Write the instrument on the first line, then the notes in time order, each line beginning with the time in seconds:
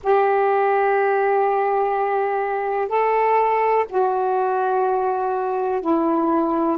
saxophone
0.03 G4
2.88 A4
3.89 F#4
5.81 E4